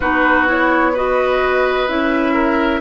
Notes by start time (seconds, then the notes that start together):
0.00 B3 D#4 F#4 B4
0.46 E4 C#5
0.93 F#4 B4 D#5
1.88 C#4 E4 E5
2.33 A#4